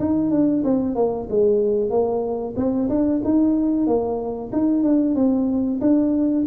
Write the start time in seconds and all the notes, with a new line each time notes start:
0.00 D#4
0.31 D4
0.65 C4
0.96 A#3
1.30 G#3
1.91 A#3
2.57 C4
2.90 D4
3.25 D#4
3.87 A#3
4.53 D#4
4.84 D4
5.16 C4
5.81 D4